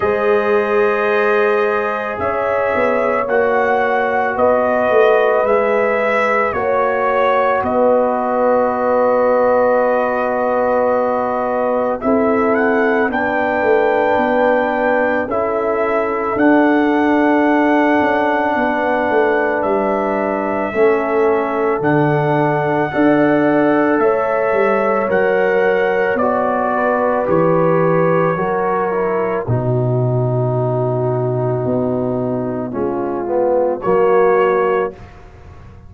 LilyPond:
<<
  \new Staff \with { instrumentName = "trumpet" } { \time 4/4 \tempo 4 = 55 dis''2 e''4 fis''4 | dis''4 e''4 cis''4 dis''4~ | dis''2. e''8 fis''8 | g''2 e''4 fis''4~ |
fis''2 e''2 | fis''2 e''4 fis''4 | d''4 cis''2 b'4~ | b'2. cis''4 | }
  \new Staff \with { instrumentName = "horn" } { \time 4/4 c''2 cis''2 | b'2 cis''4 b'4~ | b'2. a'4 | b'2 a'2~ |
a'4 b'2 a'4~ | a'4 d''4 cis''2~ | cis''8 b'4. ais'4 fis'4~ | fis'2 f'4 fis'4 | }
  \new Staff \with { instrumentName = "trombone" } { \time 4/4 gis'2. fis'4~ | fis'4 gis'4 fis'2~ | fis'2. e'4 | d'2 e'4 d'4~ |
d'2. cis'4 | d'4 a'2 ais'4 | fis'4 g'4 fis'8 e'8 dis'4~ | dis'2 cis'8 b8 ais4 | }
  \new Staff \with { instrumentName = "tuba" } { \time 4/4 gis2 cis'8 b8 ais4 | b8 a8 gis4 ais4 b4~ | b2. c'4 | b8 a8 b4 cis'4 d'4~ |
d'8 cis'8 b8 a8 g4 a4 | d4 d'4 a8 g8 fis4 | b4 e4 fis4 b,4~ | b,4 b4 gis4 fis4 | }
>>